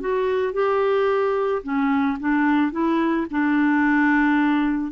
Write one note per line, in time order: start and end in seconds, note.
0.00 0.53 F#4
0.53 1.62 G4
1.63 2.17 C#4
2.20 2.72 D4
2.72 3.26 E4
3.30 4.92 D4